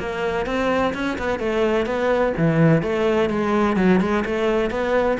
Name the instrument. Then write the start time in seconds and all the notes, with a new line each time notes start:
cello
0.00 A#3
0.46 C4
0.94 C#4
1.19 B3
1.39 A3
1.86 B3
2.38 E3
2.83 A3
3.30 G#3
3.77 F#3
4.01 G#3
4.26 A3
4.71 B3